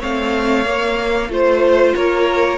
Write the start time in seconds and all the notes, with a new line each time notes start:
0.00 A3 C4 C#5 F5
0.66 A#3
1.29 A3 F4 C5
1.95 A#3 A#4 C#5